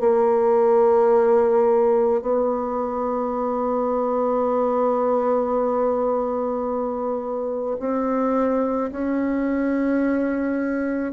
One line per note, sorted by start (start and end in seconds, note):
0.00 2.21 A#3
2.21 7.77 B3
7.79 8.90 C4
8.91 11.12 C#4